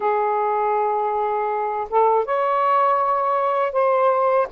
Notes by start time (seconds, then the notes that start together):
0.00 G#4
1.90 A4
2.25 C#5
3.72 C5